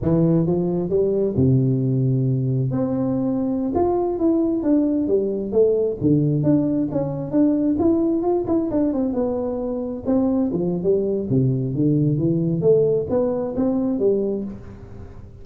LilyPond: \new Staff \with { instrumentName = "tuba" } { \time 4/4 \tempo 4 = 133 e4 f4 g4 c4~ | c2 c'2~ | c'16 f'4 e'4 d'4 g8.~ | g16 a4 d4 d'4 cis'8.~ |
cis'16 d'4 e'4 f'8 e'8 d'8 c'16~ | c'16 b2 c'4 f8. | g4 c4 d4 e4 | a4 b4 c'4 g4 | }